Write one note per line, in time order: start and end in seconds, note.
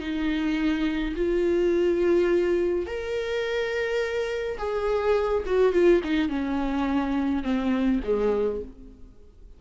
0.00 1.14 D#4
1.16 2.86 F4
2.86 4.58 A#4
4.58 5.44 G#4
5.46 5.73 F#4
5.73 6.01 F4
6.04 6.29 D#4
6.29 7.43 C#4
7.43 8.01 C4
8.04 8.61 G#3